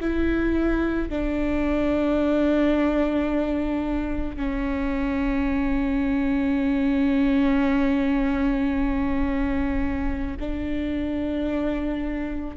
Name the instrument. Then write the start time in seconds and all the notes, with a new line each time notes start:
viola
0.00 E4
1.09 D4
4.36 C#4
10.40 D4